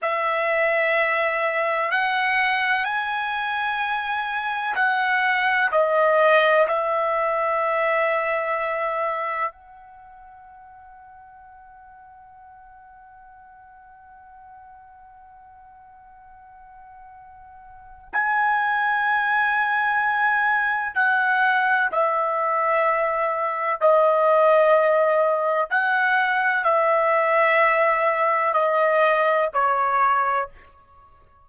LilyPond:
\new Staff \with { instrumentName = "trumpet" } { \time 4/4 \tempo 4 = 63 e''2 fis''4 gis''4~ | gis''4 fis''4 dis''4 e''4~ | e''2 fis''2~ | fis''1~ |
fis''2. gis''4~ | gis''2 fis''4 e''4~ | e''4 dis''2 fis''4 | e''2 dis''4 cis''4 | }